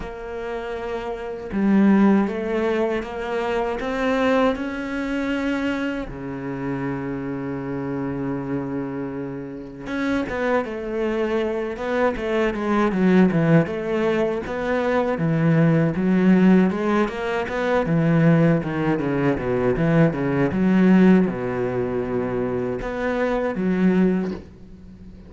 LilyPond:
\new Staff \with { instrumentName = "cello" } { \time 4/4 \tempo 4 = 79 ais2 g4 a4 | ais4 c'4 cis'2 | cis1~ | cis4 cis'8 b8 a4. b8 |
a8 gis8 fis8 e8 a4 b4 | e4 fis4 gis8 ais8 b8 e8~ | e8 dis8 cis8 b,8 e8 cis8 fis4 | b,2 b4 fis4 | }